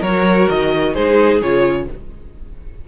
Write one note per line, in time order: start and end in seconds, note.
0.00 0.47 F#3
0.00 0.96 F#4
0.00 0.92 A#4
0.00 0.48 C#5
0.49 0.95 D#3
0.49 0.94 D#5
0.92 1.42 G#3
0.92 1.42 D#4
0.92 1.85 G#4
0.92 1.40 C5
1.42 1.88 C#3
1.42 1.88 F4
1.42 1.88 C#5